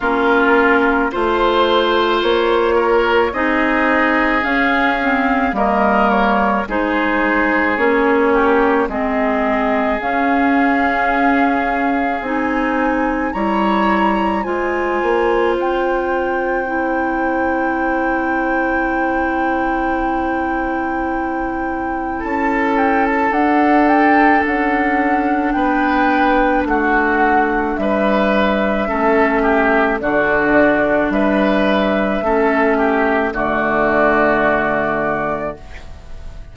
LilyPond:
<<
  \new Staff \with { instrumentName = "flute" } { \time 4/4 \tempo 4 = 54 ais'4 c''4 cis''4 dis''4 | f''4 dis''8 cis''8 c''4 cis''4 | dis''4 f''2 gis''4 | ais''4 gis''4 g''2~ |
g''1 | a''8 g''16 a''16 fis''8 g''8 fis''4 g''4 | fis''4 e''2 d''4 | e''2 d''2 | }
  \new Staff \with { instrumentName = "oboe" } { \time 4/4 f'4 c''4. ais'8 gis'4~ | gis'4 ais'4 gis'4. g'8 | gis'1 | cis''4 c''2.~ |
c''1 | a'2. b'4 | fis'4 b'4 a'8 g'8 fis'4 | b'4 a'8 g'8 fis'2 | }
  \new Staff \with { instrumentName = "clarinet" } { \time 4/4 cis'4 f'2 dis'4 | cis'8 c'8 ais4 dis'4 cis'4 | c'4 cis'2 dis'4 | e'4 f'2 e'4~ |
e'1~ | e'4 d'2.~ | d'2 cis'4 d'4~ | d'4 cis'4 a2 | }
  \new Staff \with { instrumentName = "bassoon" } { \time 4/4 ais4 a4 ais4 c'4 | cis'4 g4 gis4 ais4 | gis4 cis'2 c'4 | g4 gis8 ais8 c'2~ |
c'1 | cis'4 d'4 cis'4 b4 | a4 g4 a4 d4 | g4 a4 d2 | }
>>